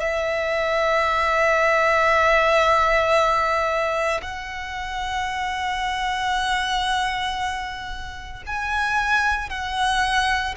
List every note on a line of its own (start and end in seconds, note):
0.00 4.21 E5
4.22 8.43 F#5
8.47 9.50 G#5
9.50 10.55 F#5